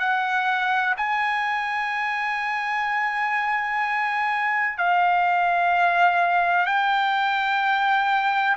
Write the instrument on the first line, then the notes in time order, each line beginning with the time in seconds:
trumpet
0.00 F#5
0.97 G#5
4.78 F5
6.66 G5